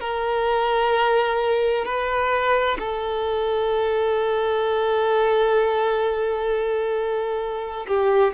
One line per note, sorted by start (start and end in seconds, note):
0.00 1.85 A#4
1.85 2.77 B4
2.79 7.86 A4
7.87 8.33 G4